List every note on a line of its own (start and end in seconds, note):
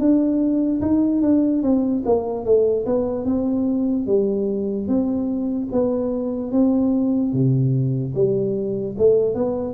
0.00 0.81 D4
0.81 1.22 D#4
1.22 1.63 D4
1.63 2.03 C4
2.06 2.45 A#3
2.45 2.86 A3
2.86 3.26 B3
3.26 4.07 C4
4.07 4.88 G3
4.88 5.69 C4
5.72 6.52 B3
6.52 7.33 C4
7.33 8.14 C3
8.15 8.96 G3
8.98 9.35 A3
9.35 9.74 B3